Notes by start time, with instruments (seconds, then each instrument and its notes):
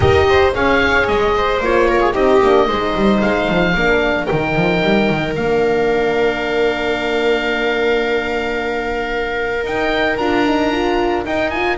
0.00 double bass D#4, horn G4, viola A#4, oboe D#5
0.29 viola C5
0.53 double bass C#4, horn G#4, viola C#5, oboe F5
1.07 double bass G#3, oboe D#5
1.35 viola C5
1.60 double bass A#3, horn F4, oboe C#5
1.88 viola A#4
2.00 viola G#4
2.12 double bass C4, horn D#4, viola G4, oboe D#5
2.42 double bass A#3, horn D4
2.67 double bass G#3, horn D#4, viola C5
2.95 double bass G3
3.20 double bass G#3, oboe F5
3.49 double bass F3
3.74 double bass A#3, horn D4, viola A#4
4.26 double bass D#3, horn D#4, oboe G5
4.55 double bass F3
4.82 double bass G3
5.09 double bass D#3
5.35 double bass A#3, horn D4, oboe F5
9.63 double bass D#4, horn D#4, oboe G5
10.17 double bass D4, horn F4, oboe A#5
10.46 horn D#4
10.71 horn F4
11.24 horn D#4, double bass D#4, oboe G5
11.50 horn F4, oboe G#5